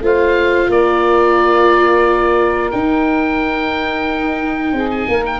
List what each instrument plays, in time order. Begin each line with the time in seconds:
0.00 tuba A3, viola F4, saxophone C5, oboe F5
0.68 tuba A#3, saxophone A#4, oboe D5
2.71 tuba D#4, viola D#4, oboe G5
4.72 tuba C4, saxophone G#4
4.90 oboe G#5
5.08 tuba A#3, saxophone A#4
5.26 oboe G5